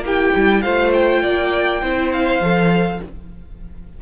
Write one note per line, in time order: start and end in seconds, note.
0.00 0.30 A#3
0.00 0.64 E4
0.00 0.63 G4
0.00 0.62 G5
0.35 0.65 G3
0.62 1.23 A3
0.62 1.82 F4
0.62 1.22 C5
0.62 0.91 F5
0.93 2.12 G5
1.22 1.82 A#3
1.22 1.82 D5
1.82 2.40 C4
1.82 2.42 E4
1.82 3.00 C5
2.12 3.01 F5
2.40 2.99 F3
2.40 3.01 A4